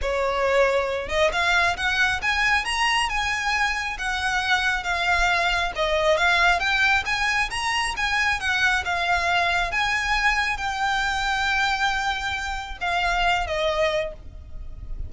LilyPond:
\new Staff \with { instrumentName = "violin" } { \time 4/4 \tempo 4 = 136 cis''2~ cis''8 dis''8 f''4 | fis''4 gis''4 ais''4 gis''4~ | gis''4 fis''2 f''4~ | f''4 dis''4 f''4 g''4 |
gis''4 ais''4 gis''4 fis''4 | f''2 gis''2 | g''1~ | g''4 f''4. dis''4. | }